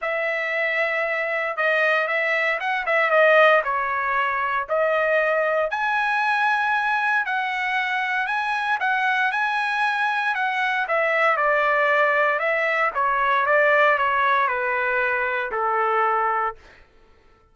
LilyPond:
\new Staff \with { instrumentName = "trumpet" } { \time 4/4 \tempo 4 = 116 e''2. dis''4 | e''4 fis''8 e''8 dis''4 cis''4~ | cis''4 dis''2 gis''4~ | gis''2 fis''2 |
gis''4 fis''4 gis''2 | fis''4 e''4 d''2 | e''4 cis''4 d''4 cis''4 | b'2 a'2 | }